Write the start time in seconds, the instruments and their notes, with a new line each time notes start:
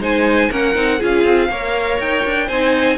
0.00 cello G#3, viola D#4, violin C5 G#5
0.50 cello A#3, viola C#4, violin A#4 F#5
0.75 cello C4, viola D#4
0.99 cello C#4, viola F4, violin G#4 F5
1.24 cello C4
1.49 cello A#3, viola A#4, violin C#5
1.99 cello D#4, violin G5
2.25 cello D4
2.47 cello C4, viola D#4, violin C5 G#5